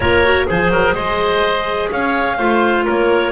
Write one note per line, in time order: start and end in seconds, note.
0.00 0.47 A#3
0.00 0.24 F4
0.00 0.46 A#4
0.00 0.46 C#5
0.24 0.46 F#4
0.46 0.69 F3
0.46 2.36 G#4
0.46 0.71 G#4
0.46 0.95 C5
0.69 0.93 F#3
0.69 0.94 A#4
0.93 1.89 G#3
0.93 1.89 C5
0.93 1.90 D#5
1.91 2.38 C#4
1.91 2.37 C#5
1.91 2.86 F5
2.37 2.86 A3
2.37 3.31 F4
2.37 2.84 C5
2.85 3.31 A#3
2.85 3.31 A#4
2.85 3.31 C#5